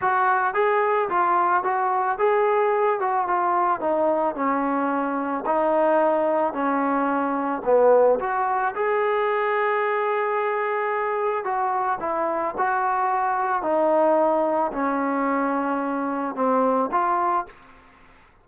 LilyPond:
\new Staff \with { instrumentName = "trombone" } { \time 4/4 \tempo 4 = 110 fis'4 gis'4 f'4 fis'4 | gis'4. fis'8 f'4 dis'4 | cis'2 dis'2 | cis'2 b4 fis'4 |
gis'1~ | gis'4 fis'4 e'4 fis'4~ | fis'4 dis'2 cis'4~ | cis'2 c'4 f'4 | }